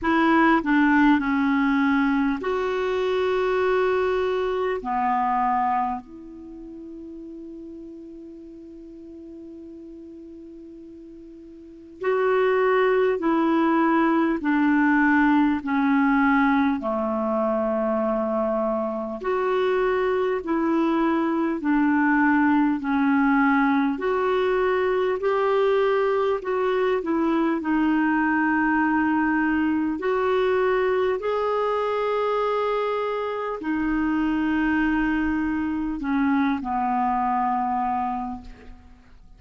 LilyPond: \new Staff \with { instrumentName = "clarinet" } { \time 4/4 \tempo 4 = 50 e'8 d'8 cis'4 fis'2 | b4 e'2.~ | e'2 fis'4 e'4 | d'4 cis'4 a2 |
fis'4 e'4 d'4 cis'4 | fis'4 g'4 fis'8 e'8 dis'4~ | dis'4 fis'4 gis'2 | dis'2 cis'8 b4. | }